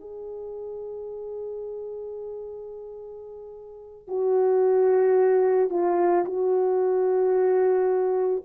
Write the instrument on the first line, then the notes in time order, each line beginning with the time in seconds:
horn
0.00 G#4
4.07 F#4
5.70 F4
6.25 F#4